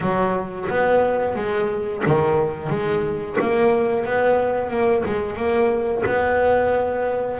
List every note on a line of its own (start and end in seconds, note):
0.01 0.68 F#3
0.69 1.35 B3
1.35 2.03 G#3
2.06 2.69 D#3
2.69 3.37 G#3
3.40 4.05 A#3
4.05 4.69 B3
4.69 5.03 A#3
5.05 5.36 G#3
5.36 6.03 A#3
6.06 7.40 B3